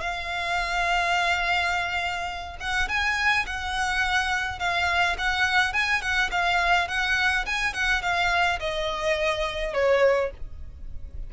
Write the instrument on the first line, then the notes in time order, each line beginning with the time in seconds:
violin
0.00 F5
2.59 F#5
2.88 G#5
3.46 F#5
4.59 F5
5.18 F#5
5.73 G#5
6.01 F#5
6.31 F5
6.88 F#5
7.46 G#5
7.73 F#5
8.02 F5
8.59 D#5
9.73 C#5